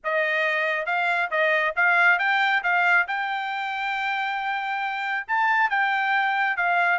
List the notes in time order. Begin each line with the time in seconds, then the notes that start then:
0.04 D#5
0.86 F5
1.30 D#5
1.76 F5
2.18 G5
2.63 F5
3.07 G5
5.27 A5
5.69 G5
6.56 F5